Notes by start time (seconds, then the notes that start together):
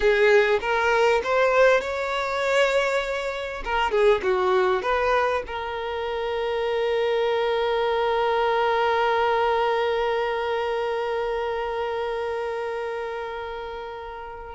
0.00 G#4
0.61 A#4
1.23 C5
1.80 C#5
3.64 A#4
3.91 G#4
4.23 F#4
4.82 B4
5.47 A#4